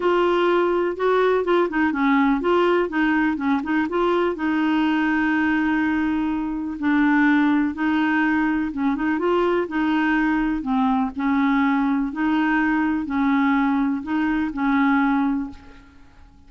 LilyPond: \new Staff \with { instrumentName = "clarinet" } { \time 4/4 \tempo 4 = 124 f'2 fis'4 f'8 dis'8 | cis'4 f'4 dis'4 cis'8 dis'8 | f'4 dis'2.~ | dis'2 d'2 |
dis'2 cis'8 dis'8 f'4 | dis'2 c'4 cis'4~ | cis'4 dis'2 cis'4~ | cis'4 dis'4 cis'2 | }